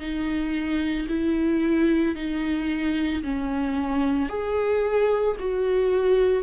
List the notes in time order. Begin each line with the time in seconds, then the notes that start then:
0.00 D#4
1.09 E4
2.16 D#4
3.24 C#4
4.30 G#4
5.40 F#4